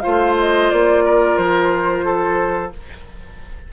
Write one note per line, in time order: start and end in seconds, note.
0.00 2.72 F4
0.00 1.04 C5
0.00 0.34 F5
0.06 0.72 A3
0.40 0.71 D#5
0.71 1.38 A#3
0.71 1.37 D5
1.05 2.05 A#4
1.37 2.72 F3
1.37 2.72 C5
2.05 2.72 A4